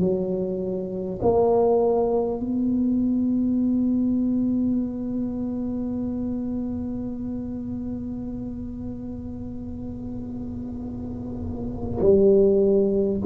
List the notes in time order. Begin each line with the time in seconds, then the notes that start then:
0.00 F#3
1.22 A#3
2.40 B3
12.01 G3